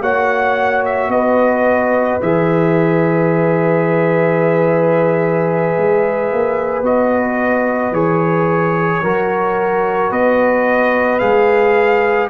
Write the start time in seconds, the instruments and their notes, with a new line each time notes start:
0.00 tuba A#3, trombone F#4, horn C#5, trumpet F#5
0.85 trumpet E5
1.08 tuba B3, horn B4, trumpet D#5
2.22 tuba E3, trombone G#4, trumpet E5
5.77 tuba G#3
6.31 tuba A#3
6.82 tuba B3, trombone F#4, trumpet D#5
7.91 tuba E3, trombone G#4, trumpet C#5
9.02 tuba F#3, trombone F#4, horn A#4
10.10 tuba B3, horn B4, trumpet D#5
11.18 tuba G#3, trombone G#4, trumpet F5